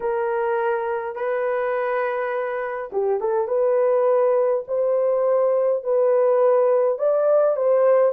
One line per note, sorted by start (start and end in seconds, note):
0.00 1.15 A#4
1.15 2.90 B4
2.92 3.20 G4
3.20 3.47 A4
3.47 4.64 B4
4.67 5.83 C5
5.83 6.98 B4
6.98 7.56 D5
7.56 8.12 C5